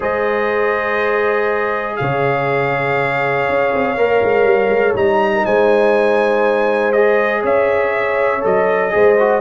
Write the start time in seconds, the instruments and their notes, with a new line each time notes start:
0.00 tuba G#3, trombone G#4, horn C5, trumpet D#5
1.96 tuba C#3, horn C#5, trumpet F5
3.48 tuba C#4
3.73 tuba C4
3.96 tuba A#3, trombone A#4
4.22 tuba G#3
4.44 tuba G3
4.69 tuba G#3
4.94 tuba G3, trombone D#4, trumpet A#5
5.35 horn A#4
5.45 tuba G#3, horn C5, trumpet G#5
6.92 trombone G#4, trumpet D#5
7.43 tuba C#4, horn C#5, trumpet E5
8.41 tuba F#3, trombone A4, trumpet D#5
8.90 tuba G#3, trombone G#4, horn C5
9.19 trombone F#4